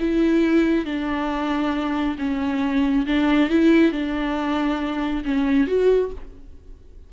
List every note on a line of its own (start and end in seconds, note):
0.00 0.85 E4
0.85 2.17 D4
2.19 3.06 C#4
3.07 3.50 D4
3.50 3.92 E4
3.92 5.23 D4
5.25 5.67 C#4
5.67 6.11 F#4